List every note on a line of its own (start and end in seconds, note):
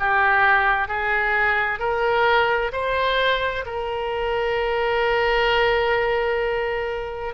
0.00 0.89 G4
0.89 1.80 G#4
1.80 2.72 A#4
2.73 3.65 C5
3.66 7.35 A#4